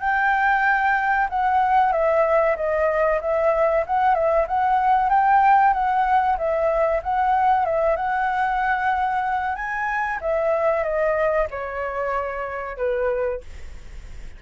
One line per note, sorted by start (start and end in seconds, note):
0.00 1.28 G5
1.29 1.92 F#5
1.92 2.56 E5
2.56 3.20 D#5
3.21 3.85 E5
3.87 4.14 F#5
4.14 4.46 E5
4.47 5.09 F#5
5.09 5.73 G5
5.73 6.37 F#5
6.38 7.02 E5
7.03 7.65 F#5
7.65 7.96 E5
7.96 9.55 F#5
9.55 10.19 G#5
10.21 10.83 E5
10.83 11.47 D#5
11.50 12.77 C#5
12.77 13.41 B4